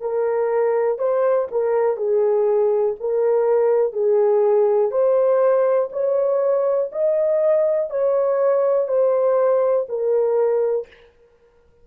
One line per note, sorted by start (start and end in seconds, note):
0.00 0.98 A#4
0.98 1.48 C5
1.51 1.96 A#4
1.96 2.95 G#4
3.00 3.93 A#4
3.93 4.91 G#4
4.91 5.89 C5
5.92 6.90 C#5
6.92 7.90 D#5
7.90 8.88 C#5
8.88 9.86 C5
9.89 10.87 A#4